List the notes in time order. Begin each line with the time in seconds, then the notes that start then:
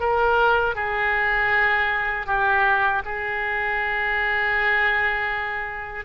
0.00 A#4
0.75 G#4
2.26 G4
3.05 G#4